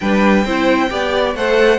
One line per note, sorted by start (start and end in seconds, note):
0.00 0.45 G3
0.00 0.45 D4
0.00 0.44 B4
0.00 1.33 G5
0.44 0.90 C4
0.44 0.89 E4
0.44 0.89 C5
0.89 1.34 B3
0.89 1.34 G4
0.89 1.36 D5
1.34 1.78 A3
1.34 1.78 A4
1.34 1.78 C5
1.34 1.78 F#5